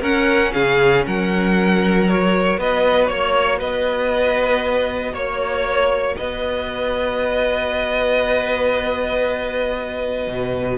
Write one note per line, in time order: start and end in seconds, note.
0.00 0.53 C#4
0.00 2.07 C#4
0.00 0.51 A#4
0.00 0.53 F#5
0.53 1.06 C#3
0.53 1.05 G#4
0.53 1.04 F5
1.06 2.58 F#3
1.06 2.59 A#4
1.06 2.08 F#5
2.07 10.78 F#4
2.07 2.60 C#5
2.58 3.09 B3
2.58 3.10 B4
2.58 3.07 D#5
3.07 3.60 A#3
3.07 3.58 C#5
3.58 5.12 B3
3.58 5.12 B4
3.58 5.14 D#5
5.12 6.15 A#3
5.12 6.15 C#5
5.12 6.17 C#5
6.17 10.27 B3
6.17 10.78 B4
6.17 10.78 D#5
10.27 10.78 B2